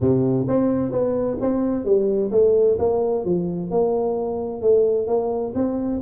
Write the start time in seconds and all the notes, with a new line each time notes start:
0.01 C3
0.47 C4
0.91 B3
1.41 C4
1.84 G3
2.31 A3
2.78 A#3
3.25 F3
3.70 A#3
4.61 A3
5.07 A#3
5.54 C4